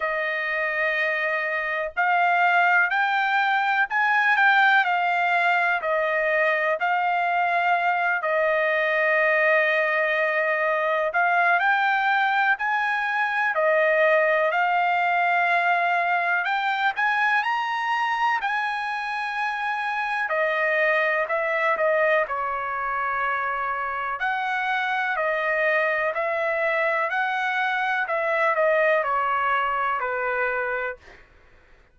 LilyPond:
\new Staff \with { instrumentName = "trumpet" } { \time 4/4 \tempo 4 = 62 dis''2 f''4 g''4 | gis''8 g''8 f''4 dis''4 f''4~ | f''8 dis''2. f''8 | g''4 gis''4 dis''4 f''4~ |
f''4 g''8 gis''8 ais''4 gis''4~ | gis''4 dis''4 e''8 dis''8 cis''4~ | cis''4 fis''4 dis''4 e''4 | fis''4 e''8 dis''8 cis''4 b'4 | }